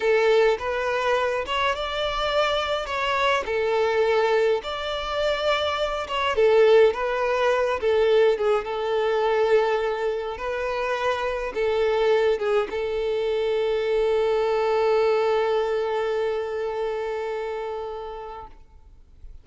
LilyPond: \new Staff \with { instrumentName = "violin" } { \time 4/4 \tempo 4 = 104 a'4 b'4. cis''8 d''4~ | d''4 cis''4 a'2 | d''2~ d''8 cis''8 a'4 | b'4. a'4 gis'8 a'4~ |
a'2 b'2 | a'4. gis'8 a'2~ | a'1~ | a'1 | }